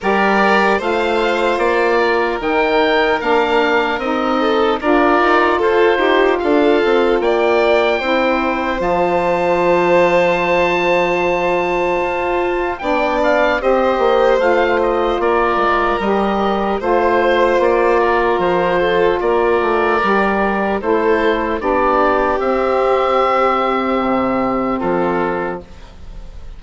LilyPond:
<<
  \new Staff \with { instrumentName = "oboe" } { \time 4/4 \tempo 4 = 75 d''4 f''4 d''4 g''4 | f''4 dis''4 d''4 c''4 | f''4 g''2 a''4~ | a''1 |
g''8 f''8 dis''4 f''8 dis''8 d''4 | dis''4 c''4 d''4 c''4 | d''2 c''4 d''4 | e''2. a'4 | }
  \new Staff \with { instrumentName = "violin" } { \time 4/4 ais'4 c''4. ais'4.~ | ais'4. a'8 ais'4 a'8 g'8 | a'4 d''4 c''2~ | c''1 |
d''4 c''2 ais'4~ | ais'4 c''4. ais'4 a'8 | ais'2 a'4 g'4~ | g'2. f'4 | }
  \new Staff \with { instrumentName = "saxophone" } { \time 4/4 g'4 f'2 dis'4 | d'4 dis'4 f'2~ | f'2 e'4 f'4~ | f'1 |
d'4 g'4 f'2 | g'4 f'2.~ | f'4 g'4 e'4 d'4 | c'1 | }
  \new Staff \with { instrumentName = "bassoon" } { \time 4/4 g4 a4 ais4 dis4 | ais4 c'4 d'8 dis'8 f'8 dis'8 | d'8 c'8 ais4 c'4 f4~ | f2. f'4 |
b4 c'8 ais8 a4 ais8 gis8 | g4 a4 ais4 f4 | ais8 a8 g4 a4 b4 | c'2 c4 f4 | }
>>